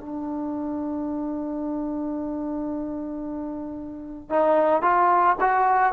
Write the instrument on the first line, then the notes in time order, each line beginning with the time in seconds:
trombone
0.00 D4
4.30 D#4
4.82 F4
5.41 F#4